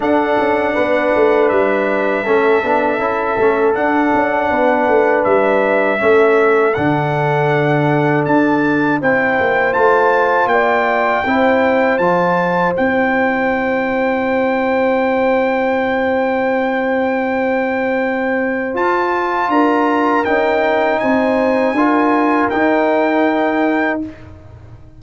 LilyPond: <<
  \new Staff \with { instrumentName = "trumpet" } { \time 4/4 \tempo 4 = 80 fis''2 e''2~ | e''4 fis''2 e''4~ | e''4 fis''2 a''4 | g''4 a''4 g''2 |
a''4 g''2.~ | g''1~ | g''4 a''4 ais''4 g''4 | gis''2 g''2 | }
  \new Staff \with { instrumentName = "horn" } { \time 4/4 a'4 b'2 a'4~ | a'2 b'2 | a'1 | c''2 d''4 c''4~ |
c''1~ | c''1~ | c''2 ais'2 | c''4 ais'2. | }
  \new Staff \with { instrumentName = "trombone" } { \time 4/4 d'2. cis'8 d'8 | e'8 cis'8 d'2. | cis'4 d'2. | e'4 f'2 e'4 |
f'4 e'2.~ | e'1~ | e'4 f'2 dis'4~ | dis'4 f'4 dis'2 | }
  \new Staff \with { instrumentName = "tuba" } { \time 4/4 d'8 cis'8 b8 a8 g4 a8 b8 | cis'8 a8 d'8 cis'8 b8 a8 g4 | a4 d2 d'4 | c'8 ais8 a4 ais4 c'4 |
f4 c'2.~ | c'1~ | c'4 f'4 d'4 cis'4 | c'4 d'4 dis'2 | }
>>